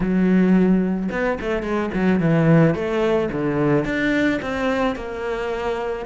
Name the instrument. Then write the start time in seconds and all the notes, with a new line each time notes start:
cello
0.00 F#3
1.11 B3
1.40 A3
1.62 G#3
1.93 F#3
2.20 E3
2.74 A3
3.31 D3
3.84 D4
4.42 C4
4.95 A#3